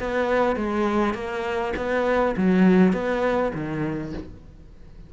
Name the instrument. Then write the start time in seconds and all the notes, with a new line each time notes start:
cello
0.00 B3
0.56 G#3
1.15 A#3
1.77 B3
2.37 F#3
2.94 B3
3.55 D#3